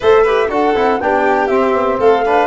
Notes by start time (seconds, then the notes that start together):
0.00 A3 A4 C5 E5
0.22 G4 B4
0.49 D4 F#4 A4 F#5
0.74 C4 E4
1.00 B3 D4 G4 G5
1.47 C4 E5
1.73 B3
1.99 A3 A4 F5
2.25 D4 B4